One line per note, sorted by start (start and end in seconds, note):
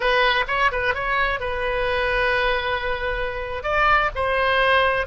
0.00 0.44 B4
0.47 0.71 C#5
0.71 0.94 B4
0.94 1.40 C#5
1.40 3.63 B4
3.63 4.10 D5
4.15 5.06 C5